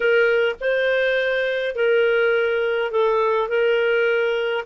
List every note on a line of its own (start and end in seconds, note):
0.00 0.55 A#4
0.60 1.75 C5
1.75 2.91 A#4
2.91 3.48 A4
3.48 4.64 A#4